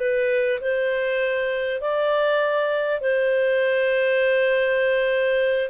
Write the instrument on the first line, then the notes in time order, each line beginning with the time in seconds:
clarinet
0.00 B4
0.61 C5
1.81 D5
3.01 C5